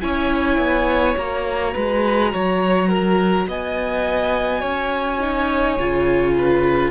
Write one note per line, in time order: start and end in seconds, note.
0.00 0.57 C#4
0.00 1.15 E4
0.00 1.73 C#5
0.00 1.15 G#5
0.57 1.15 B3
1.15 1.75 A#3
1.15 5.19 F#4
1.15 3.47 A#5
1.73 2.33 G#3
1.73 2.31 B4
2.32 3.47 F#3
2.32 2.88 C#5
2.88 3.46 A#4
3.47 4.62 B3
3.47 4.60 D#5
3.47 6.90 G#5
4.60 5.78 C#4
4.60 6.33 C#5
5.19 5.77 D#4
5.78 6.90 C#3
5.78 6.90 F4
6.37 6.90 B4